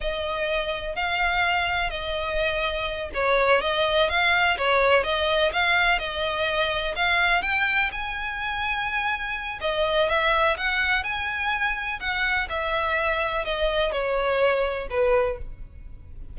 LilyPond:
\new Staff \with { instrumentName = "violin" } { \time 4/4 \tempo 4 = 125 dis''2 f''2 | dis''2~ dis''8 cis''4 dis''8~ | dis''8 f''4 cis''4 dis''4 f''8~ | f''8 dis''2 f''4 g''8~ |
g''8 gis''2.~ gis''8 | dis''4 e''4 fis''4 gis''4~ | gis''4 fis''4 e''2 | dis''4 cis''2 b'4 | }